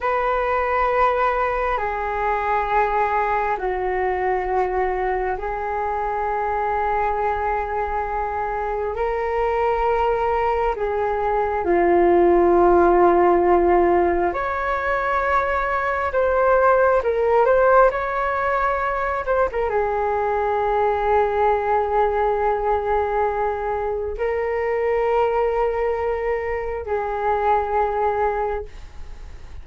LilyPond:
\new Staff \with { instrumentName = "flute" } { \time 4/4 \tempo 4 = 67 b'2 gis'2 | fis'2 gis'2~ | gis'2 ais'2 | gis'4 f'2. |
cis''2 c''4 ais'8 c''8 | cis''4. c''16 ais'16 gis'2~ | gis'2. ais'4~ | ais'2 gis'2 | }